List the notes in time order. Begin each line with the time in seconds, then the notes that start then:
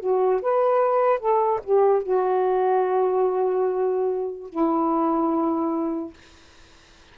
0.00 F#4
0.42 B4
1.20 A4
1.64 G4
2.03 F#4
4.49 E4